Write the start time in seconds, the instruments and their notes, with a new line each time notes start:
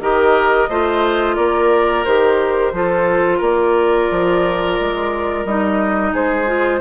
0.00 bassoon D#3, clarinet G4, oboe A#4, flute D#5
0.69 bassoon A3, clarinet F4, oboe C5
1.36 bassoon A#3, oboe A#4, flute D5
2.04 bassoon D#3, clarinet G4, flute C5
2.72 bassoon F3, clarinet F4, oboe A4
3.38 bassoon A#3, oboe A#4, flute D5
4.11 bassoon F3
4.80 bassoon G#3
5.45 bassoon G3, clarinet D#4, flute D#5
6.13 bassoon G#3, oboe G#4, flute C5
6.46 clarinet F4